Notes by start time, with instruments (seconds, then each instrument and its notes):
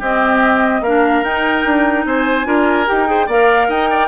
0.00 bassoon C4, clarinet C4, oboe G4, flute D#5
0.81 bassoon A#3, clarinet D4, oboe A#4, flute F5
1.23 bassoon D#4, clarinet D#4, flute G5
1.65 bassoon D4
2.05 bassoon C4, oboe C5, flute G#5
2.45 bassoon D4, clarinet F4, oboe A#4
2.87 bassoon D#4, clarinet G4, flute G5
3.07 clarinet G#4, oboe C5
3.27 bassoon A#3, clarinet A#4, oboe D5, flute F5
3.69 bassoon D#4, oboe D#5, flute G5
3.90 oboe D5